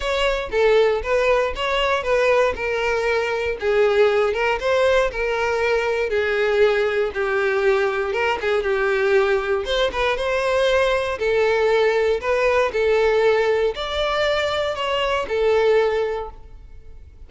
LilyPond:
\new Staff \with { instrumentName = "violin" } { \time 4/4 \tempo 4 = 118 cis''4 a'4 b'4 cis''4 | b'4 ais'2 gis'4~ | gis'8 ais'8 c''4 ais'2 | gis'2 g'2 |
ais'8 gis'8 g'2 c''8 b'8 | c''2 a'2 | b'4 a'2 d''4~ | d''4 cis''4 a'2 | }